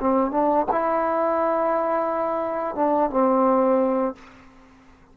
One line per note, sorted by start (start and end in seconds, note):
0.00 0.31 C4
0.31 0.66 D4
0.72 2.76 E4
2.76 3.11 D4
3.11 4.15 C4